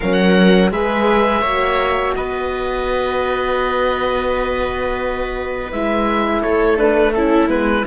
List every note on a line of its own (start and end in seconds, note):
0.00 0.71 F#3
0.00 0.72 C#4
0.00 0.71 A#4
0.00 0.70 F#5
0.71 1.42 G#3
0.71 1.43 G#4
0.71 1.41 B4
0.71 2.15 E5
1.41 2.13 A#3
1.41 5.72 F#4
1.41 2.13 C#5
2.15 5.71 B3
2.15 6.41 B4
2.15 5.71 D#5
5.71 6.43 G#3
5.71 6.77 E4
5.71 6.42 E5
6.41 7.48 A3
6.41 7.12 A4
6.41 6.77 C#5
6.77 7.13 D4
6.77 7.12 B4
7.12 7.47 C#4
7.12 7.86 E4
7.12 7.48 A4
7.47 7.83 G#3
7.47 7.83 B3
7.47 7.85 B4